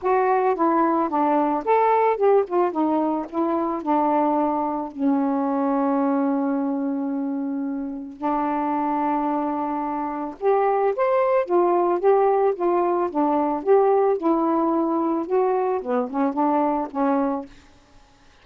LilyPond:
\new Staff \with { instrumentName = "saxophone" } { \time 4/4 \tempo 4 = 110 fis'4 e'4 d'4 a'4 | g'8 f'8 dis'4 e'4 d'4~ | d'4 cis'2.~ | cis'2. d'4~ |
d'2. g'4 | c''4 f'4 g'4 f'4 | d'4 g'4 e'2 | fis'4 b8 cis'8 d'4 cis'4 | }